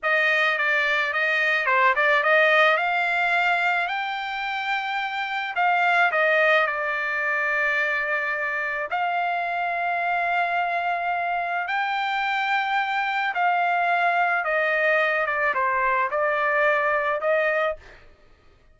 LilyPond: \new Staff \with { instrumentName = "trumpet" } { \time 4/4 \tempo 4 = 108 dis''4 d''4 dis''4 c''8 d''8 | dis''4 f''2 g''4~ | g''2 f''4 dis''4 | d''1 |
f''1~ | f''4 g''2. | f''2 dis''4. d''8 | c''4 d''2 dis''4 | }